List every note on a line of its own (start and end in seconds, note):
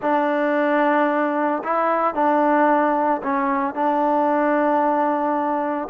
0.02 1.62 D4
1.63 2.14 E4
2.14 3.21 D4
3.22 3.74 C#4
3.74 5.88 D4